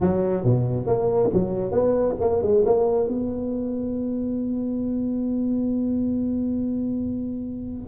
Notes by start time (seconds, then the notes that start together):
0.00 F#3
0.43 B2
0.86 A#3
1.33 F#3
1.71 B3
2.20 A#3
2.42 G#3
2.65 A#3
3.08 B3